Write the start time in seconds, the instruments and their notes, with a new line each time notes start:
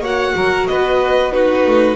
0.00 double bass A#3, viola F#4, violin C#5 F#5
0.35 double bass F#3, violin A#4
0.67 double bass B3, violin B4 D#5
1.32 viola D#4, violin F#4 B4
1.66 double bass A3